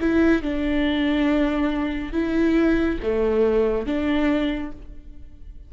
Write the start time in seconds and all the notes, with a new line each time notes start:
0.00 E4
0.42 D4
2.12 E4
3.02 A3
3.86 D4